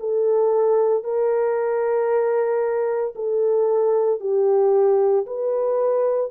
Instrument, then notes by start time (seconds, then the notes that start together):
horn
0.00 A4
1.04 A#4
3.16 A4
4.21 G4
5.26 B4